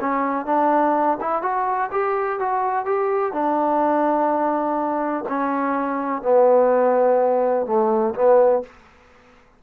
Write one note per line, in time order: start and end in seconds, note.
0.00 0.46 C#4
0.46 1.18 D4
1.20 1.42 E4
1.42 1.90 F#4
1.91 2.39 G4
2.40 2.85 F#4
2.85 3.33 G4
3.33 5.25 D4
5.29 6.22 C#4
6.22 7.66 B3
7.66 8.14 A3
8.14 8.62 B3